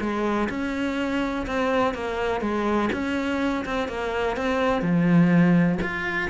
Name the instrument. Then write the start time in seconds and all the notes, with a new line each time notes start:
cello
0.00 G#3
0.49 C#4
1.46 C4
1.94 A#3
2.41 G#3
2.92 C#4
3.65 C4
3.88 A#3
4.36 C4
4.81 F3
5.81 F4